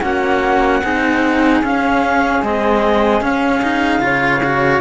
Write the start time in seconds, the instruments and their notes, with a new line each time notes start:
0.00 cello A#3 C#4, flute F#4, clarinet F#5
0.83 cello C4 D#4, flute G#4
1.62 cello C#4, clarinet F5
2.43 cello G#3 C4, clarinet D#5
3.21 cello C#4, clarinet F5
3.63 cello D#4
4.00 cello C#3 F4, flute C#5
4.44 cello F#4